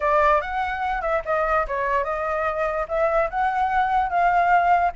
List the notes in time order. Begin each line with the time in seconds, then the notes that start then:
0.00 D5
0.41 F#5
1.01 E5
1.25 D#5
1.67 C#5
2.04 D#5
2.88 E5
3.30 F#5
4.09 F5